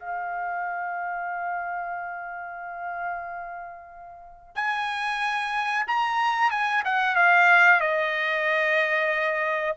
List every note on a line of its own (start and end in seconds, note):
0.00 4.55 F5
4.55 5.86 G#5
5.88 6.51 A#5
6.51 6.84 G#5
6.85 7.16 F#5
7.16 7.81 F5
7.81 9.76 D#5